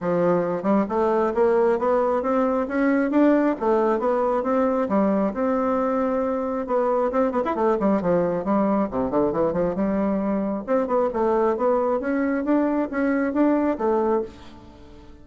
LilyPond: \new Staff \with { instrumentName = "bassoon" } { \time 4/4 \tempo 4 = 135 f4. g8 a4 ais4 | b4 c'4 cis'4 d'4 | a4 b4 c'4 g4 | c'2. b4 |
c'8 b16 e'16 a8 g8 f4 g4 | c8 d8 e8 f8 g2 | c'8 b8 a4 b4 cis'4 | d'4 cis'4 d'4 a4 | }